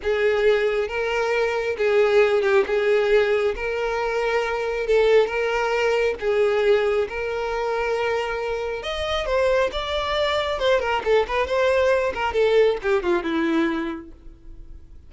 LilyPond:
\new Staff \with { instrumentName = "violin" } { \time 4/4 \tempo 4 = 136 gis'2 ais'2 | gis'4. g'8 gis'2 | ais'2. a'4 | ais'2 gis'2 |
ais'1 | dis''4 c''4 d''2 | c''8 ais'8 a'8 b'8 c''4. ais'8 | a'4 g'8 f'8 e'2 | }